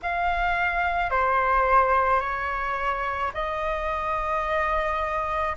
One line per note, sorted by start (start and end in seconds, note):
0.02 1.10 F5
1.10 2.20 C5
2.20 3.31 C#5
3.33 5.56 D#5